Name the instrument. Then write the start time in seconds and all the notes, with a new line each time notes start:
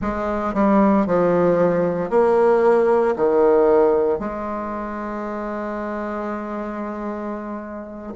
bassoon
0.01 G#3
0.54 G3
1.06 F3
2.10 A#3
3.16 D#3
4.19 G#3